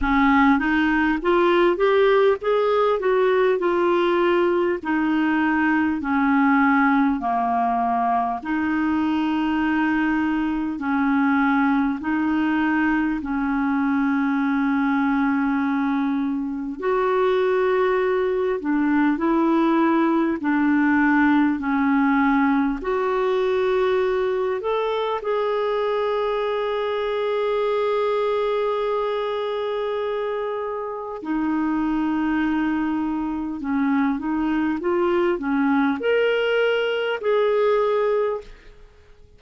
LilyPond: \new Staff \with { instrumentName = "clarinet" } { \time 4/4 \tempo 4 = 50 cis'8 dis'8 f'8 g'8 gis'8 fis'8 f'4 | dis'4 cis'4 ais4 dis'4~ | dis'4 cis'4 dis'4 cis'4~ | cis'2 fis'4. d'8 |
e'4 d'4 cis'4 fis'4~ | fis'8 a'8 gis'2.~ | gis'2 dis'2 | cis'8 dis'8 f'8 cis'8 ais'4 gis'4 | }